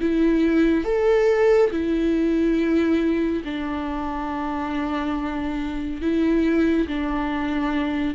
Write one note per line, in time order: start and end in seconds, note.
0.00 0.84 E4
0.84 1.70 A4
1.71 3.42 E4
3.44 6.01 D4
6.01 6.87 E4
6.87 8.14 D4